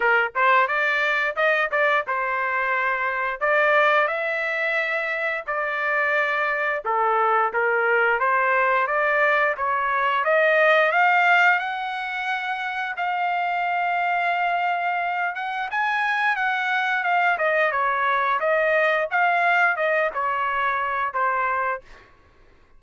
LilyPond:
\new Staff \with { instrumentName = "trumpet" } { \time 4/4 \tempo 4 = 88 ais'8 c''8 d''4 dis''8 d''8 c''4~ | c''4 d''4 e''2 | d''2 a'4 ais'4 | c''4 d''4 cis''4 dis''4 |
f''4 fis''2 f''4~ | f''2~ f''8 fis''8 gis''4 | fis''4 f''8 dis''8 cis''4 dis''4 | f''4 dis''8 cis''4. c''4 | }